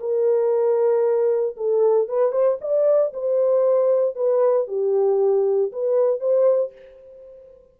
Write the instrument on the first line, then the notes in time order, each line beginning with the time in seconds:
horn
0.00 A#4
1.57 A4
2.08 B4
2.32 C5
2.61 D5
3.14 C5
4.16 B4
4.67 G4
5.72 B4
6.20 C5